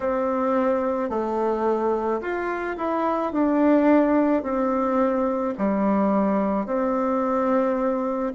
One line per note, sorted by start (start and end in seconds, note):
0.00 1.09 C4
1.09 2.20 A3
2.21 2.76 F4
2.77 3.32 E4
3.32 4.42 D4
4.42 5.54 C4
5.58 6.66 G3
6.66 8.32 C4